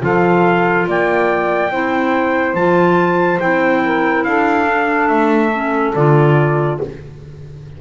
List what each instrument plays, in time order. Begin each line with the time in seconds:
0.00 double bass F3, clarinet F4, saxophone A4, trumpet F5
0.86 double bass A#3, saxophone D5, trumpet G5
1.70 double bass C4, clarinet E4, saxophone C5
2.54 double bass F3, clarinet F4, trumpet A5
3.40 double bass C4, clarinet E4, trumpet G5
3.84 saxophone A#4
4.24 double bass D4, saxophone A4, trumpet F5
4.67 clarinet D4
5.08 double bass A3, trumpet E5
5.53 clarinet C#4
5.95 double bass D3, clarinet F4, trumpet D5